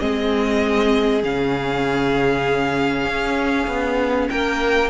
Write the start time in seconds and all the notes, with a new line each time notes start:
0.00 G#3 C4 G#4 D#5
1.23 C#3 C#4 F5
3.06 C#4
3.67 B3
4.29 A#3 A#4 G5